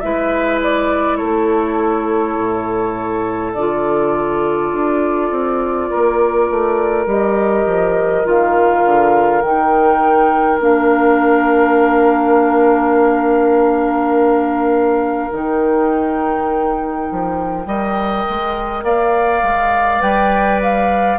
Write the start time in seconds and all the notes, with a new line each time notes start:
0.00 G#3 E4 B4 E5
0.63 D5
1.17 A3 A4 C#5
2.38 A2
3.53 D3 F4 D5
4.72 D4
5.31 C4
5.90 A#3 A#4
6.50 A3
7.06 G3 G4 D#5
7.66 F3
8.24 D#3 F4 F5
8.85 D3
9.42 D#3 D#4 G5
10.59 A#3 D4 F5
15.31 D#3 D#4 G5
17.12 F3
17.64 G3 A#4 D#5
18.29 G#3
18.83 A#3 D5 F5
19.42 G#3
20.00 G3 B4 G5
20.62 F5